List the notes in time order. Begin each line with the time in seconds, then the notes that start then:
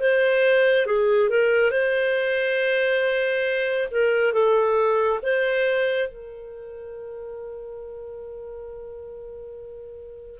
0.00 C5
0.87 G#4
1.30 A#4
1.72 C5
3.91 A#4
4.34 A4
5.23 C5
6.08 A#4